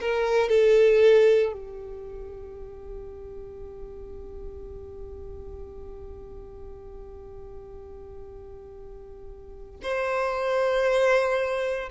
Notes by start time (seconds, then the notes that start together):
0.00 A#4
0.49 A4
1.52 G4
9.82 C5